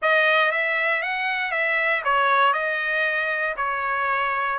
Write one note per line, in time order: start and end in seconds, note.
0.01 0.51 D#5
0.51 1.02 E5
1.02 1.51 F#5
1.51 2.02 E5
2.04 2.53 C#5
2.53 3.55 D#5
3.57 4.58 C#5